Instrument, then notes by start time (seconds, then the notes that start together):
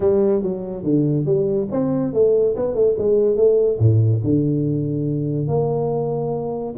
tuba
0.00 G3
0.42 F#3
0.83 D3
1.25 G3
1.71 C4
2.13 A3
2.56 B3
2.74 A3
2.98 G#3
3.36 A3
3.78 A2
4.23 D3
5.47 A#3